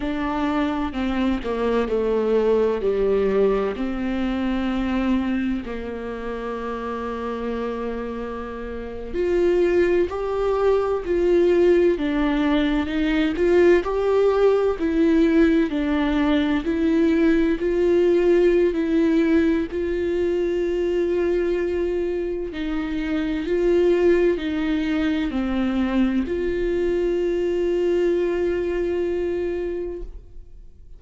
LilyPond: \new Staff \with { instrumentName = "viola" } { \time 4/4 \tempo 4 = 64 d'4 c'8 ais8 a4 g4 | c'2 ais2~ | ais4.~ ais16 f'4 g'4 f'16~ | f'8. d'4 dis'8 f'8 g'4 e'16~ |
e'8. d'4 e'4 f'4~ f'16 | e'4 f'2. | dis'4 f'4 dis'4 c'4 | f'1 | }